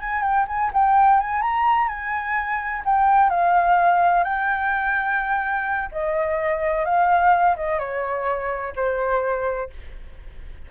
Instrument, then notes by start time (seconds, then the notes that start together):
flute
0.00 G#5
0.22 G5
0.47 G#5
0.73 G5
1.20 G#5
1.42 A#5
1.88 G#5
2.85 G5
3.29 F5
4.24 G5
5.92 D#5
6.85 F5
7.56 D#5
7.79 C#5
8.76 C5